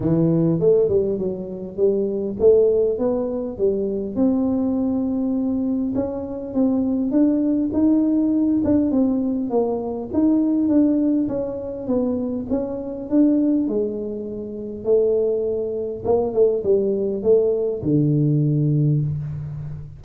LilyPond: \new Staff \with { instrumentName = "tuba" } { \time 4/4 \tempo 4 = 101 e4 a8 g8 fis4 g4 | a4 b4 g4 c'4~ | c'2 cis'4 c'4 | d'4 dis'4. d'8 c'4 |
ais4 dis'4 d'4 cis'4 | b4 cis'4 d'4 gis4~ | gis4 a2 ais8 a8 | g4 a4 d2 | }